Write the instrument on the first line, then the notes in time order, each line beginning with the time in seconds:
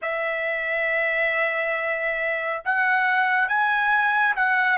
trumpet
0.02 E5
2.64 F#5
3.48 G#5
4.36 F#5